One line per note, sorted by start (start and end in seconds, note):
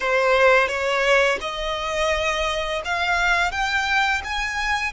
0.00 0.67 C5
0.67 1.38 C#5
1.41 2.82 D#5
2.84 3.51 F5
3.51 4.22 G5
4.24 4.92 G#5